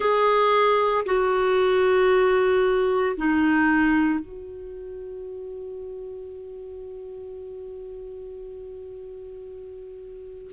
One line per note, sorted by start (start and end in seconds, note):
0.00 1.04 G#4
1.05 3.16 F#4
3.16 4.19 D#4
4.19 10.51 F#4